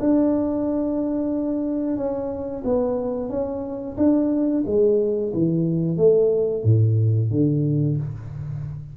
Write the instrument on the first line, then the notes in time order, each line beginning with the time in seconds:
tuba
0.00 D4
1.97 C#4
2.65 B3
3.30 C#4
3.98 D4
4.67 G#3
5.34 E3
5.98 A3
6.65 A2
7.31 D3